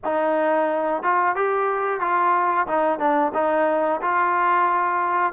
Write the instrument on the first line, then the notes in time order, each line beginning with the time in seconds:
trombone
0.04 D#4
1.02 F4
1.35 G4
2.00 F4
2.67 D#4
2.98 D4
3.34 D#4
4.02 F4